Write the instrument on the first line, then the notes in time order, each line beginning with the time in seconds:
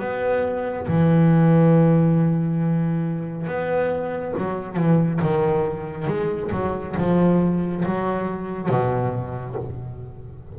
double bass
0.00 B3
0.88 E3
3.47 B3
4.38 F#3
4.77 E3
5.22 D#3
6.08 G#3
6.52 F#3
6.97 F3
7.86 F#3
8.69 B2